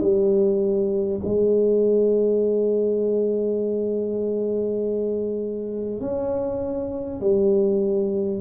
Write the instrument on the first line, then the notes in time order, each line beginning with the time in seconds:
tuba
0.00 G3
1.24 G#3
6.01 C#4
7.21 G3